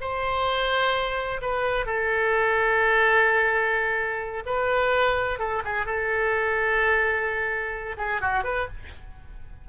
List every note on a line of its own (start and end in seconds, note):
0.00 1.41 C5
1.41 1.85 B4
1.85 4.43 A4
4.45 5.39 B4
5.39 5.62 A4
5.64 5.85 G#4
5.85 7.96 A4
7.97 8.21 G#4
8.21 8.43 F#4
8.43 8.67 B4